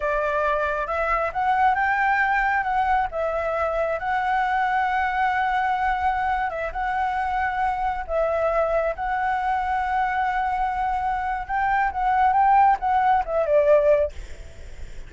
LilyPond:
\new Staff \with { instrumentName = "flute" } { \time 4/4 \tempo 4 = 136 d''2 e''4 fis''4 | g''2 fis''4 e''4~ | e''4 fis''2.~ | fis''2~ fis''8. e''8 fis''8.~ |
fis''2~ fis''16 e''4.~ e''16~ | e''16 fis''2.~ fis''8.~ | fis''2 g''4 fis''4 | g''4 fis''4 e''8 d''4. | }